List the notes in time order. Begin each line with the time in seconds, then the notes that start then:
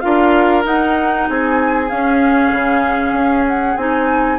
0.00 D4 F4 A#4 F5
0.63 D#4 F#5
1.29 C4 G#4 G#5
1.89 C#4 F5
2.51 C#3
3.13 C#4
3.48 F#5
3.77 C4 D#4 G#5